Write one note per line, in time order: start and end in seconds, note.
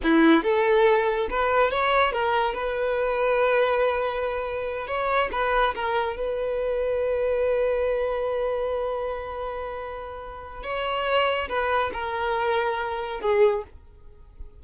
0.03 0.43 E4
0.43 1.28 A4
1.30 1.70 B4
1.70 2.12 C#5
2.12 2.54 A#4
2.54 4.87 B4
4.87 5.29 C#5
5.32 5.74 B4
5.74 6.16 A#4
6.16 10.63 B4
10.63 11.48 C#5
11.48 11.91 B4
11.93 13.20 A#4
13.21 13.63 G#4